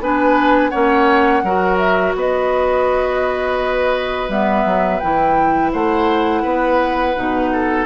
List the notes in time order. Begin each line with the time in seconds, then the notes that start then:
0.00 B3 D4 B4 G#5
0.70 A#3 C#4 C#5 F#5
1.43 F#3 F#4 A#4
1.78 E5
2.15 B3 B4 D#5
4.29 G3 B3 E5
4.65 F#3
5.00 E3 E4 G5
5.73 A3 C5 F#5
6.43 B3 B4
7.16 B2 D#4
7.53 A4